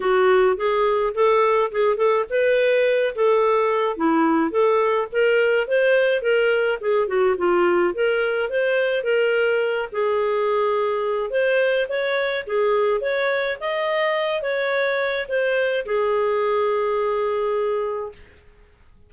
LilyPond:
\new Staff \with { instrumentName = "clarinet" } { \time 4/4 \tempo 4 = 106 fis'4 gis'4 a'4 gis'8 a'8 | b'4. a'4. e'4 | a'4 ais'4 c''4 ais'4 | gis'8 fis'8 f'4 ais'4 c''4 |
ais'4. gis'2~ gis'8 | c''4 cis''4 gis'4 cis''4 | dis''4. cis''4. c''4 | gis'1 | }